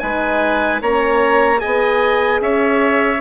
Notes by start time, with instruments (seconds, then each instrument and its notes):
0.00 bassoon G#3, horn D#4, oboe B4, trumpet G#5
0.82 bassoon A#3, horn C#4, oboe C#5, trumpet A#5
1.58 horn G#4, oboe D#5, trumpet G#5
1.66 bassoon B3
2.41 bassoon C#4, oboe C#5, trumpet E5